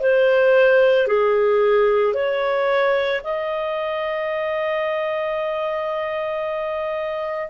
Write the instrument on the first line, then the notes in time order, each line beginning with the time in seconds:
clarinet
0.00 C5
1.07 G#4
2.14 C#5
3.24 D#5